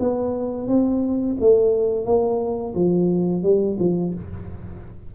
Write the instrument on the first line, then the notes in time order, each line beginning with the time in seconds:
tuba
0.00 B3
0.68 C4
1.40 A3
2.06 A#3
2.75 F3
3.43 G3
3.80 F3